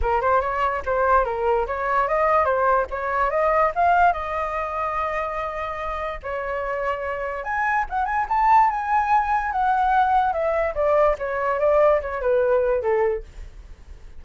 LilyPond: \new Staff \with { instrumentName = "flute" } { \time 4/4 \tempo 4 = 145 ais'8 c''8 cis''4 c''4 ais'4 | cis''4 dis''4 c''4 cis''4 | dis''4 f''4 dis''2~ | dis''2. cis''4~ |
cis''2 gis''4 fis''8 gis''8 | a''4 gis''2 fis''4~ | fis''4 e''4 d''4 cis''4 | d''4 cis''8 b'4. a'4 | }